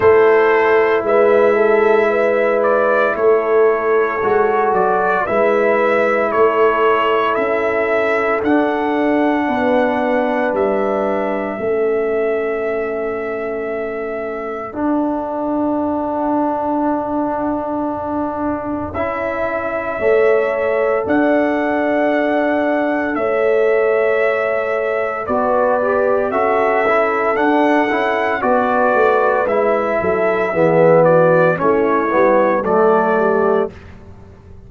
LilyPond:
<<
  \new Staff \with { instrumentName = "trumpet" } { \time 4/4 \tempo 4 = 57 c''4 e''4. d''8 cis''4~ | cis''8 d''8 e''4 cis''4 e''4 | fis''2 e''2~ | e''2 fis''2~ |
fis''2 e''2 | fis''2 e''2 | d''4 e''4 fis''4 d''4 | e''4. d''8 cis''4 d''4 | }
  \new Staff \with { instrumentName = "horn" } { \time 4/4 a'4 b'8 a'8 b'4 a'4~ | a'4 b'4 a'2~ | a'4 b'2 a'4~ | a'1~ |
a'2. cis''4 | d''2 cis''2 | b'4 a'2 b'4~ | b'8 a'8 gis'8 fis'8 e'4 a'8 g'8 | }
  \new Staff \with { instrumentName = "trombone" } { \time 4/4 e'1 | fis'4 e'2. | d'2. cis'4~ | cis'2 d'2~ |
d'2 e'4 a'4~ | a'1 | fis'8 g'8 fis'8 e'8 d'8 e'8 fis'4 | e'4 b4 cis'8 b8 a4 | }
  \new Staff \with { instrumentName = "tuba" } { \time 4/4 a4 gis2 a4 | gis8 fis8 gis4 a4 cis'4 | d'4 b4 g4 a4~ | a2 d'2~ |
d'2 cis'4 a4 | d'2 a2 | b4 cis'4 d'8 cis'8 b8 a8 | gis8 fis8 e4 a8 g8 fis4 | }
>>